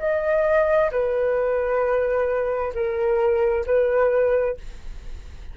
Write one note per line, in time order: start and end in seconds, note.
0.00 0.91 D#5
0.92 2.74 B4
2.75 3.66 A#4
3.67 4.57 B4